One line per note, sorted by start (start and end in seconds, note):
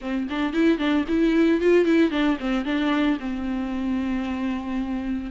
0.01 0.28 C4
0.29 0.53 D4
0.53 0.78 E4
0.78 1.05 D4
1.08 1.60 E4
1.60 1.85 F4
1.85 2.10 E4
2.10 2.37 D4
2.40 2.65 C4
2.65 3.18 D4
3.19 5.30 C4